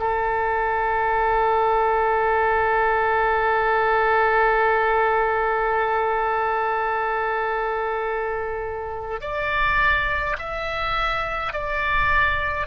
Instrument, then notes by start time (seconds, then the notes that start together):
oboe
0.00 A4
9.22 D5
10.39 E5
11.53 D5